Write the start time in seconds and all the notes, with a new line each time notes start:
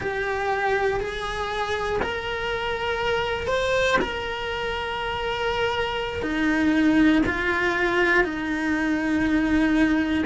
0.00 G4
1.00 G#4
2.02 A#4
3.47 C5
4.01 A#4
6.22 D#4
7.25 F4
8.24 D#4